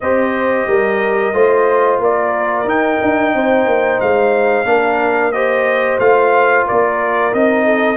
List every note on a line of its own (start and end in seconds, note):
0.00 0.67 C4
0.00 1.33 G4
0.00 0.68 C5
0.00 2.00 D#5
0.67 1.33 G3
0.67 1.34 A#4
1.33 1.99 A3
1.33 2.66 F4
1.33 2.01 C5
1.99 2.64 A#3
1.99 3.34 A#4
1.99 2.68 D5
2.64 2.97 D#4
2.64 4.65 D#4
2.64 4.00 G5
3.01 3.34 D4
3.34 3.66 C4
3.34 4.68 C5
3.66 3.99 A#3
4.00 4.64 G#3
4.00 5.32 F5
4.64 5.97 A#3
4.64 5.32 D4
4.64 5.34 A#4
5.32 6.00 G4
5.32 6.66 C5
5.32 5.98 D#5
5.99 6.66 A3
5.99 7.32 F4
5.99 6.66 F5
6.66 7.33 A#3
6.66 7.65 A#4
6.66 7.33 D5
7.32 7.96 C4
7.32 7.96 D#4
7.32 7.96 D#5
7.65 7.96 A4